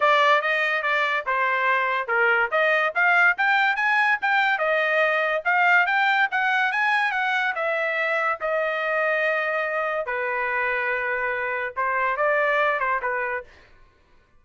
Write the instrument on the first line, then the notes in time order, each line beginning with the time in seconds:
trumpet
0.00 D5
0.41 D#5
0.82 D5
1.26 C5
2.07 A#4
2.51 D#5
2.94 F5
3.37 G5
3.76 G#5
4.21 G5
4.58 D#5
5.44 F5
5.86 G5
6.31 F#5
6.72 G#5
7.11 F#5
7.55 E5
8.40 D#5
10.05 B4
11.76 C5
12.16 D5
12.79 C5
13.02 B4